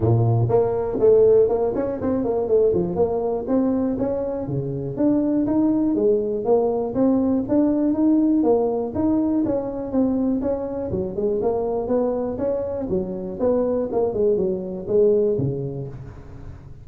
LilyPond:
\new Staff \with { instrumentName = "tuba" } { \time 4/4 \tempo 4 = 121 ais,4 ais4 a4 ais8 cis'8 | c'8 ais8 a8 f8 ais4 c'4 | cis'4 cis4 d'4 dis'4 | gis4 ais4 c'4 d'4 |
dis'4 ais4 dis'4 cis'4 | c'4 cis'4 fis8 gis8 ais4 | b4 cis'4 fis4 b4 | ais8 gis8 fis4 gis4 cis4 | }